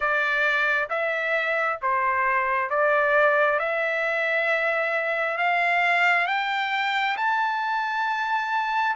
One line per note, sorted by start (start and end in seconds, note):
0.00 0.88 D5
0.89 1.79 E5
1.81 2.70 C5
2.70 3.59 D5
3.59 5.37 E5
5.37 6.26 F5
6.26 7.16 G5
7.16 8.96 A5